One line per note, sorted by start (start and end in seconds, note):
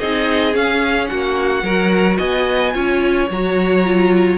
0.00 0.56 C4
0.00 0.52 D#4
0.00 1.10 G#4
0.00 0.55 D#5
0.52 1.62 C#4
0.52 1.11 C#4
0.52 1.07 F5
1.07 1.63 A#3
1.07 1.64 F#4
1.07 2.17 F#5
1.63 2.18 F#3
1.63 2.73 F#4
1.63 2.18 A#4
2.18 2.75 B3
2.18 2.73 D#5
2.18 3.29 G#5
2.73 3.30 C#4
2.73 3.28 F4
2.73 4.38 C#5
3.31 4.38 F#3
3.31 3.85 F#4
3.31 4.38 A#5
3.85 4.38 F4